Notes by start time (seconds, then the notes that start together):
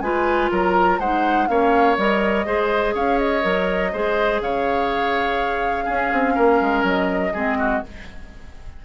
0.00 G#3 F4 B4 G#5
0.51 F#3 A#4 A#5
0.99 G#3 D#4 C5 F#5
1.48 A#3 C#4 C#5 F5
1.97 G3 A#4 D#5
2.45 G#3 G#4 C5
2.94 C#4 C#5 F5
3.18 D#5
3.42 F#3 A#4
3.93 G#3 G#4 C5
4.41 C#3 C#5 F5
5.84 C#4 G#4
6.12 C4
6.35 A#3 A#4
6.60 G#3
6.83 F#3 D#5
7.33 G#3 C4 G#4
7.59 F#4